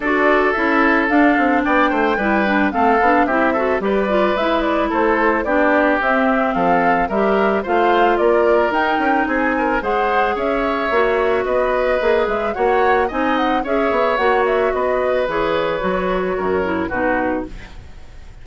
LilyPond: <<
  \new Staff \with { instrumentName = "flute" } { \time 4/4 \tempo 4 = 110 d''4 e''4 f''4 g''4~ | g''4 f''4 e''4 d''4 | e''8 d''8 c''4 d''4 e''4 | f''4 e''4 f''4 d''4 |
g''4 gis''4 fis''4 e''4~ | e''4 dis''4. e''8 fis''4 | gis''8 fis''8 e''4 fis''8 e''8 dis''4 | cis''2. b'4 | }
  \new Staff \with { instrumentName = "oboe" } { \time 4/4 a'2. d''8 c''8 | b'4 a'4 g'8 a'8 b'4~ | b'4 a'4 g'2 | a'4 ais'4 c''4 ais'4~ |
ais'4 gis'8 ais'8 c''4 cis''4~ | cis''4 b'2 cis''4 | dis''4 cis''2 b'4~ | b'2 ais'4 fis'4 | }
  \new Staff \with { instrumentName = "clarinet" } { \time 4/4 fis'4 e'4 d'2 | e'8 d'8 c'8 d'8 e'8 fis'8 g'8 f'8 | e'2 d'4 c'4~ | c'4 g'4 f'2 |
dis'2 gis'2 | fis'2 gis'4 fis'4 | dis'4 gis'4 fis'2 | gis'4 fis'4. e'8 dis'4 | }
  \new Staff \with { instrumentName = "bassoon" } { \time 4/4 d'4 cis'4 d'8 c'8 b8 a8 | g4 a8 b8 c'4 g4 | gis4 a4 b4 c'4 | f4 g4 a4 ais4 |
dis'8 cis'8 c'4 gis4 cis'4 | ais4 b4 ais8 gis8 ais4 | c'4 cis'8 b8 ais4 b4 | e4 fis4 fis,4 b,4 | }
>>